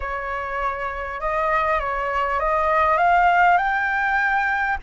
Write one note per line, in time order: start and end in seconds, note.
0.00 1.20 C#5
1.20 1.79 D#5
1.79 2.39 C#5
2.39 2.97 D#5
2.97 3.57 F5
3.57 4.77 G5